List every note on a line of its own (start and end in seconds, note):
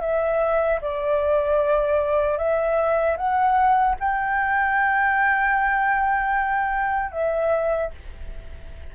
0.00 0.79 E5
0.81 2.37 D5
2.37 3.16 E5
3.17 3.95 F#5
3.99 7.11 G5
7.11 7.90 E5